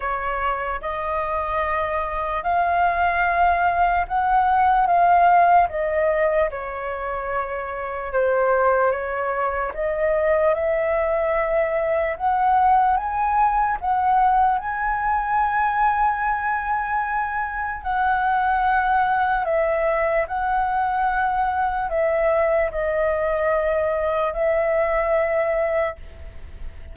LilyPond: \new Staff \with { instrumentName = "flute" } { \time 4/4 \tempo 4 = 74 cis''4 dis''2 f''4~ | f''4 fis''4 f''4 dis''4 | cis''2 c''4 cis''4 | dis''4 e''2 fis''4 |
gis''4 fis''4 gis''2~ | gis''2 fis''2 | e''4 fis''2 e''4 | dis''2 e''2 | }